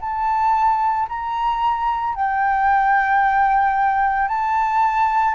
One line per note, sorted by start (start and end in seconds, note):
0.00 1.07 A5
1.09 2.15 A#5
2.15 4.28 G5
4.28 5.35 A5